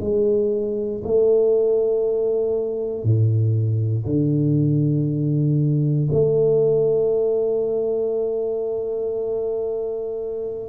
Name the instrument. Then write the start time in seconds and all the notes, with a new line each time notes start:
tuba
0.00 G#3
1.04 A3
3.03 A2
4.05 D3
6.12 A3